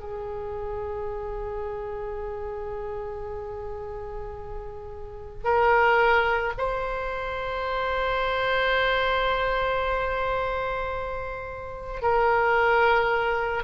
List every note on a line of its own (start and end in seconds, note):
0.00 5.44 G#4
5.44 6.53 A#4
6.58 12.02 C5
12.02 13.64 A#4